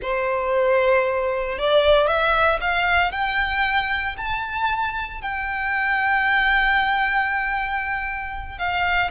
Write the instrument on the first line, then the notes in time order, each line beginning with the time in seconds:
violin
0.02 C5
1.58 D5
2.07 E5
2.60 F5
3.11 G5
4.17 A5
5.21 G5
8.58 F5